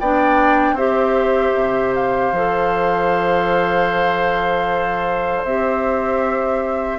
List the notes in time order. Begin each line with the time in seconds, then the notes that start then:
0.00 B3 D4 D5 G5
0.73 C4 G4 C5 E5
1.55 C3
1.95 F5
2.32 F3 A4
5.45 C4 G4 E5